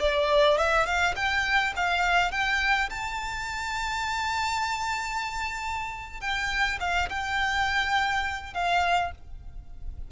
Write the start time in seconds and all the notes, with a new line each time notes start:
0.00 D5
0.58 E5
0.86 F5
1.16 G5
1.76 F5
2.32 G5
2.90 A5
6.21 G5
6.81 F5
7.10 G5
8.54 F5